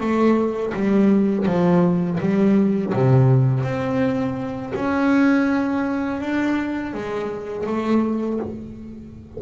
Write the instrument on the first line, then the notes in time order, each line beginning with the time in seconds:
double bass
0.00 A3
0.74 G3
1.46 F3
2.20 G3
2.94 C3
3.64 C4
4.75 C#4
6.21 D4
6.94 G#3
7.67 A3